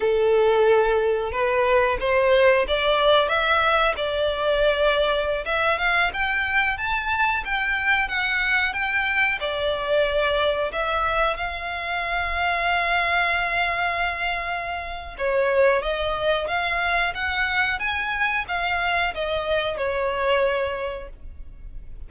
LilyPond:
\new Staff \with { instrumentName = "violin" } { \time 4/4 \tempo 4 = 91 a'2 b'4 c''4 | d''4 e''4 d''2~ | d''16 e''8 f''8 g''4 a''4 g''8.~ | g''16 fis''4 g''4 d''4.~ d''16~ |
d''16 e''4 f''2~ f''8.~ | f''2. cis''4 | dis''4 f''4 fis''4 gis''4 | f''4 dis''4 cis''2 | }